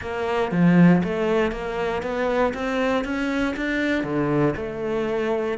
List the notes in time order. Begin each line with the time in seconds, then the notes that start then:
0.01 A#3
0.51 F3
1.03 A3
1.51 A#3
2.02 B3
2.54 C4
3.04 C#4
3.56 D4
4.03 D3
4.56 A3